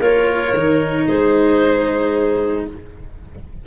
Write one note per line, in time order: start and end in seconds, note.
0.00 0.53 A#3
0.00 0.55 F4
0.00 1.05 A#4
0.00 1.08 C#5
0.54 1.07 D#3
0.54 2.67 D#4
1.07 2.66 G#3
1.07 2.65 G#4
1.07 2.66 C5